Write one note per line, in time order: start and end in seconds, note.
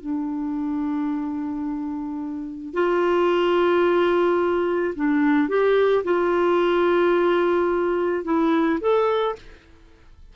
0.00 2.74 D4
2.74 4.94 F4
4.95 5.49 D4
5.49 6.04 G4
6.04 8.24 F4
8.24 8.79 E4
8.80 9.36 A4